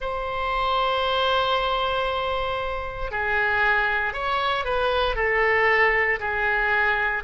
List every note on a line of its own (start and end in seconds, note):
0.00 3.11 C5
3.11 4.13 G#4
4.13 4.64 C#5
4.64 5.15 B4
5.15 6.19 A4
6.19 7.23 G#4